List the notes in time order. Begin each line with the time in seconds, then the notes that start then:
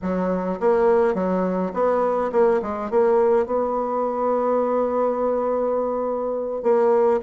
0.02 F#3
0.60 A#3
1.14 F#3
1.73 B3
2.32 A#3
2.61 G#3
2.90 A#3
3.45 B3
6.62 A#3